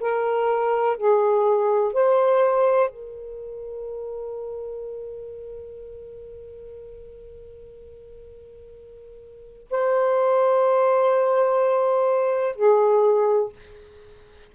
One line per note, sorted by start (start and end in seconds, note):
0.00 0.96 A#4
0.96 1.93 G#4
1.93 2.89 C5
2.89 9.67 A#4
9.70 12.55 C5
12.55 13.52 G#4